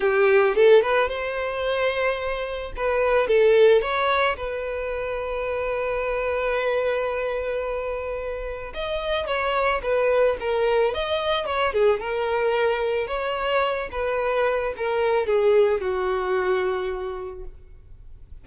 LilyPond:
\new Staff \with { instrumentName = "violin" } { \time 4/4 \tempo 4 = 110 g'4 a'8 b'8 c''2~ | c''4 b'4 a'4 cis''4 | b'1~ | b'1 |
dis''4 cis''4 b'4 ais'4 | dis''4 cis''8 gis'8 ais'2 | cis''4. b'4. ais'4 | gis'4 fis'2. | }